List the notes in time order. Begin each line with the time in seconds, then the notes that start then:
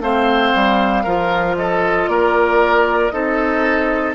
0.00 A3 C4 C5 F5
0.54 G3
1.03 F3 F4 A#4
1.56 A4 D#5
2.07 A#3 A#4 D5
3.09 C4 D#4 A4 D#5